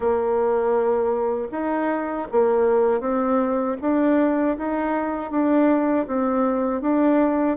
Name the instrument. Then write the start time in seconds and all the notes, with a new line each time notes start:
bassoon
0.00 A#3
1.51 D#4
2.31 A#3
3.00 C4
3.81 D4
4.57 D#4
5.30 D4
6.07 C4
6.81 D4